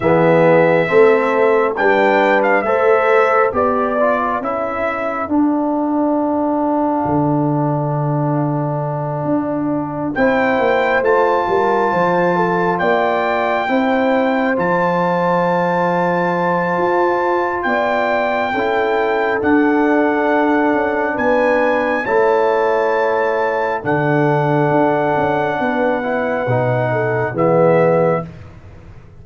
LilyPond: <<
  \new Staff \with { instrumentName = "trumpet" } { \time 4/4 \tempo 4 = 68 e''2 g''8. f''16 e''4 | d''4 e''4 f''2~ | f''2.~ f''8 g''8~ | g''8 a''2 g''4.~ |
g''8 a''2.~ a''8 | g''2 fis''2 | gis''4 a''2 fis''4~ | fis''2. e''4 | }
  \new Staff \with { instrumentName = "horn" } { \time 4/4 gis'4 a'4 b'4 c''4 | d''4 a'2.~ | a'2.~ a'8 c''8~ | c''4 ais'8 c''8 a'8 d''4 c''8~ |
c''1 | d''4 a'2. | b'4 cis''2 a'4~ | a'4 b'4. a'8 gis'4 | }
  \new Staff \with { instrumentName = "trombone" } { \time 4/4 b4 c'4 d'4 a'4 | g'8 f'8 e'4 d'2~ | d'2.~ d'8 e'8~ | e'8 f'2. e'8~ |
e'8 f'2.~ f'8~ | f'4 e'4 d'2~ | d'4 e'2 d'4~ | d'4. e'8 dis'4 b4 | }
  \new Staff \with { instrumentName = "tuba" } { \time 4/4 e4 a4 g4 a4 | b4 cis'4 d'2 | d2~ d8 d'4 c'8 | ais8 a8 g8 f4 ais4 c'8~ |
c'8 f2~ f8 f'4 | b4 cis'4 d'4. cis'8 | b4 a2 d4 | d'8 cis'8 b4 b,4 e4 | }
>>